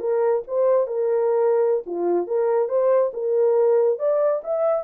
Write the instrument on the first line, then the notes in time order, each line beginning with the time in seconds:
horn
0.00 A#4
0.48 C5
0.87 A#4
1.86 F4
2.27 A#4
2.69 C5
3.14 A#4
3.99 D5
4.44 E5